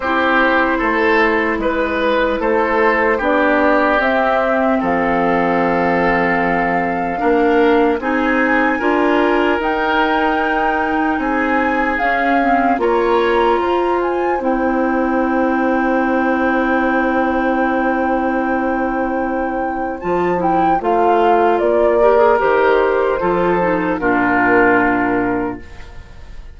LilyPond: <<
  \new Staff \with { instrumentName = "flute" } { \time 4/4 \tempo 4 = 75 c''2 b'4 c''4 | d''4 e''4 f''2~ | f''2 gis''2 | g''2 gis''4 f''4 |
ais''4. gis''8 g''2~ | g''1~ | g''4 a''8 g''8 f''4 d''4 | c''2 ais'2 | }
  \new Staff \with { instrumentName = "oboe" } { \time 4/4 g'4 a'4 b'4 a'4 | g'2 a'2~ | a'4 ais'4 gis'4 ais'4~ | ais'2 gis'2 |
cis''4 c''2.~ | c''1~ | c''2.~ c''8 ais'8~ | ais'4 a'4 f'2 | }
  \new Staff \with { instrumentName = "clarinet" } { \time 4/4 e'1 | d'4 c'2.~ | c'4 d'4 dis'4 f'4 | dis'2. cis'8 c'8 |
f'2 e'2~ | e'1~ | e'4 f'8 e'8 f'4. g'16 gis'16 | g'4 f'8 dis'8 d'2 | }
  \new Staff \with { instrumentName = "bassoon" } { \time 4/4 c'4 a4 gis4 a4 | b4 c'4 f2~ | f4 ais4 c'4 d'4 | dis'2 c'4 cis'4 |
ais4 f'4 c'2~ | c'1~ | c'4 f4 a4 ais4 | dis4 f4 ais,2 | }
>>